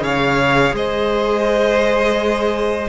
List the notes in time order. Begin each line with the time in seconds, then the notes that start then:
0.00 C#3 G#4 C#5 F5
0.74 G#3 C5 D#5